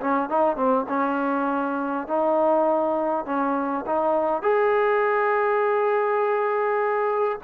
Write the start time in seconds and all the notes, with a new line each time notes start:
0.00 C#4
0.29 D#4
0.56 C4
0.89 C#4
2.07 D#4
3.26 C#4
3.86 D#4
4.42 G#4